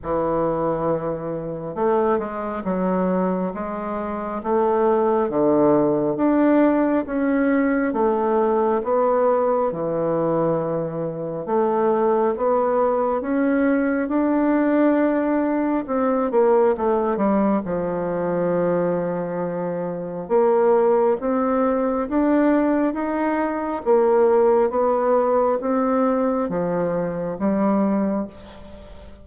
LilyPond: \new Staff \with { instrumentName = "bassoon" } { \time 4/4 \tempo 4 = 68 e2 a8 gis8 fis4 | gis4 a4 d4 d'4 | cis'4 a4 b4 e4~ | e4 a4 b4 cis'4 |
d'2 c'8 ais8 a8 g8 | f2. ais4 | c'4 d'4 dis'4 ais4 | b4 c'4 f4 g4 | }